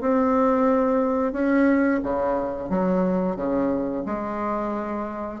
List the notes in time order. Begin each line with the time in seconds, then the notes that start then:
0.00 C4
1.32 C#4
2.03 C#3
2.69 F#3
3.36 C#3
4.05 G#3